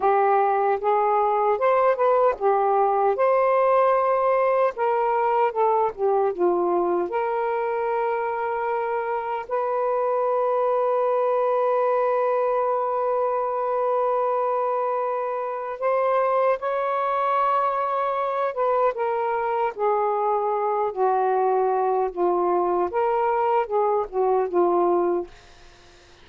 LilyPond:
\new Staff \with { instrumentName = "saxophone" } { \time 4/4 \tempo 4 = 76 g'4 gis'4 c''8 b'8 g'4 | c''2 ais'4 a'8 g'8 | f'4 ais'2. | b'1~ |
b'1 | c''4 cis''2~ cis''8 b'8 | ais'4 gis'4. fis'4. | f'4 ais'4 gis'8 fis'8 f'4 | }